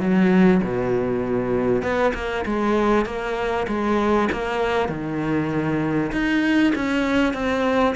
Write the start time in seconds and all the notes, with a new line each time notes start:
0.00 F#3
0.63 B2
1.82 B3
2.14 A#3
2.45 G#3
3.05 A#3
3.67 G#3
4.32 A#3
4.89 D#3
6.12 D#4
6.75 C#4
7.33 C4